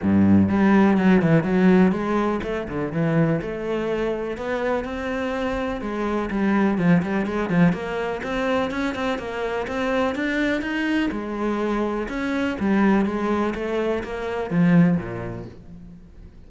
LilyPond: \new Staff \with { instrumentName = "cello" } { \time 4/4 \tempo 4 = 124 g,4 g4 fis8 e8 fis4 | gis4 a8 d8 e4 a4~ | a4 b4 c'2 | gis4 g4 f8 g8 gis8 f8 |
ais4 c'4 cis'8 c'8 ais4 | c'4 d'4 dis'4 gis4~ | gis4 cis'4 g4 gis4 | a4 ais4 f4 ais,4 | }